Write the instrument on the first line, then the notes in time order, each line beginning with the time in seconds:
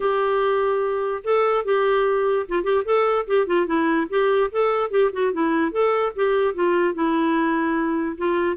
clarinet
0.00 G4
1.24 A4
1.64 G4
2.48 F4
2.63 G4
2.84 A4
3.27 G4
3.46 F4
3.66 E4
4.09 G4
4.51 A4
4.90 G4
5.12 F#4
5.32 E4
5.71 A4
6.15 G4
6.54 F4
6.94 E4
8.17 F4